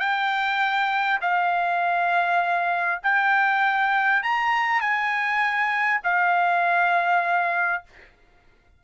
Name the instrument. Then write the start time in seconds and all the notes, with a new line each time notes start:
trumpet
0.00 G5
1.21 F5
3.03 G5
4.23 A#5
4.81 G#5
6.04 F5